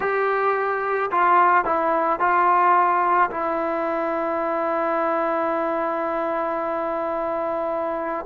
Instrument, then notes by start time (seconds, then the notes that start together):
trombone
0.00 G4
1.11 F4
1.64 E4
2.19 F4
3.30 E4